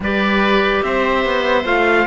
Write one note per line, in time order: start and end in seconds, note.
0.00 0.81 G3
0.00 1.64 G4
0.00 0.84 B4
0.00 0.82 D5
0.82 1.25 C4
0.82 2.06 C5
0.82 1.65 E5
1.25 1.64 B3
1.64 2.06 A3
1.64 2.06 F4
1.64 2.06 F5